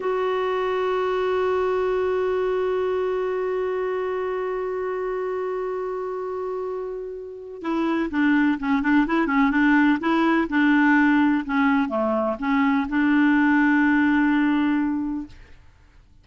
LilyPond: \new Staff \with { instrumentName = "clarinet" } { \time 4/4 \tempo 4 = 126 fis'1~ | fis'1~ | fis'1~ | fis'1 |
e'4 d'4 cis'8 d'8 e'8 cis'8 | d'4 e'4 d'2 | cis'4 a4 cis'4 d'4~ | d'1 | }